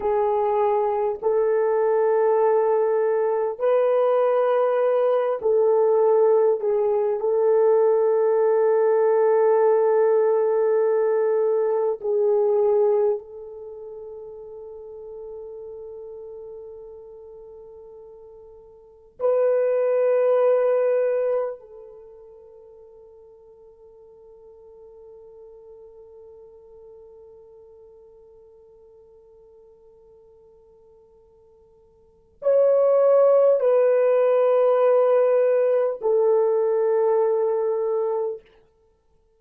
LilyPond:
\new Staff \with { instrumentName = "horn" } { \time 4/4 \tempo 4 = 50 gis'4 a'2 b'4~ | b'8 a'4 gis'8 a'2~ | a'2 gis'4 a'4~ | a'1 |
b'2 a'2~ | a'1~ | a'2. cis''4 | b'2 a'2 | }